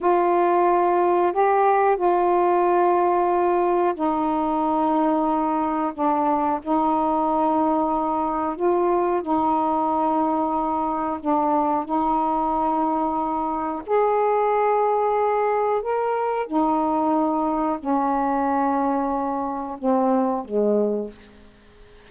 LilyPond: \new Staff \with { instrumentName = "saxophone" } { \time 4/4 \tempo 4 = 91 f'2 g'4 f'4~ | f'2 dis'2~ | dis'4 d'4 dis'2~ | dis'4 f'4 dis'2~ |
dis'4 d'4 dis'2~ | dis'4 gis'2. | ais'4 dis'2 cis'4~ | cis'2 c'4 gis4 | }